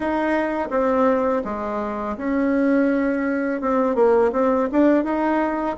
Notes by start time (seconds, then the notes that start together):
0.00 D#4
0.70 C4
1.44 G#3
2.17 C#4
3.61 C4
3.95 A#3
4.32 C4
4.72 D4
5.04 D#4